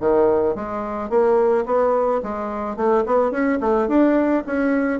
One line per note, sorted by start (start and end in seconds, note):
0.00 0.55 D#3
0.55 1.09 G#3
1.09 1.65 A#3
1.65 2.21 B3
2.22 2.76 G#3
2.76 3.04 A3
3.06 3.31 B3
3.31 3.59 C#4
3.60 3.88 A3
3.88 4.43 D4
4.46 5.00 C#4